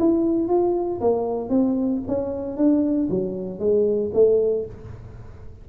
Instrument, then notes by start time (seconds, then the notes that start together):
tuba
0.00 E4
0.49 F4
1.01 A#3
1.50 C4
2.08 C#4
2.57 D4
3.10 F#3
3.60 G#3
4.14 A3